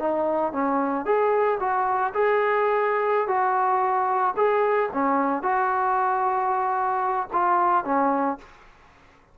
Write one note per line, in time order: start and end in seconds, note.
0.00 0.53 D#4
0.53 1.06 C#4
1.06 1.59 G#4
1.60 2.13 F#4
2.14 3.28 G#4
3.28 4.35 F#4
4.37 4.90 G#4
4.94 5.43 C#4
5.43 7.29 F#4
7.33 7.85 F4
7.85 8.38 C#4